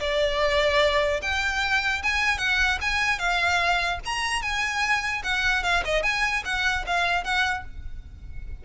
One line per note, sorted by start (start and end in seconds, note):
0.00 1.21 D5
1.22 2.03 G5
2.03 2.38 G#5
2.38 2.78 F#5
2.82 3.19 G#5
3.19 3.99 F5
4.05 4.42 A#5
4.42 5.23 G#5
5.24 5.63 F#5
5.63 5.83 F5
5.85 6.03 D#5
6.03 6.43 G#5
6.45 6.85 F#5
6.87 7.24 F5
7.24 7.64 F#5